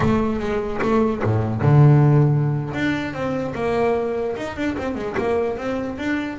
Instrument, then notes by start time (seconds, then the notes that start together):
double bass
0.00 A3
0.39 G#3
0.82 A3
1.23 A2
1.61 D3
2.73 D4
3.13 C4
3.55 A#3
4.36 D#4
4.56 D4
4.78 C4
4.95 G#3
5.17 A#3
5.57 C4
5.98 D4